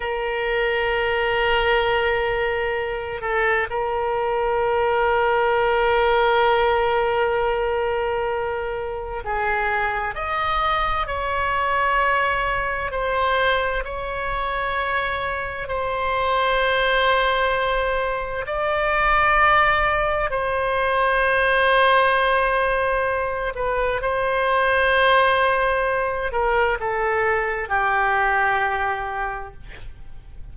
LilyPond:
\new Staff \with { instrumentName = "oboe" } { \time 4/4 \tempo 4 = 65 ais'2.~ ais'8 a'8 | ais'1~ | ais'2 gis'4 dis''4 | cis''2 c''4 cis''4~ |
cis''4 c''2. | d''2 c''2~ | c''4. b'8 c''2~ | c''8 ais'8 a'4 g'2 | }